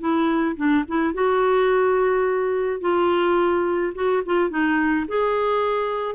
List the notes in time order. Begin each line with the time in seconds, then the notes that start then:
0.00 E4
0.57 D4
0.88 E4
1.14 F#4
2.81 F4
3.95 F#4
4.26 F4
4.50 D#4
5.08 G#4